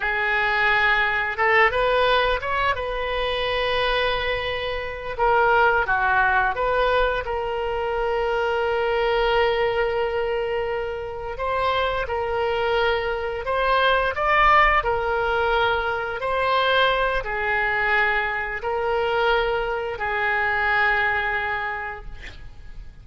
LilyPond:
\new Staff \with { instrumentName = "oboe" } { \time 4/4 \tempo 4 = 87 gis'2 a'8 b'4 cis''8 | b'2.~ b'8 ais'8~ | ais'8 fis'4 b'4 ais'4.~ | ais'1~ |
ais'8 c''4 ais'2 c''8~ | c''8 d''4 ais'2 c''8~ | c''4 gis'2 ais'4~ | ais'4 gis'2. | }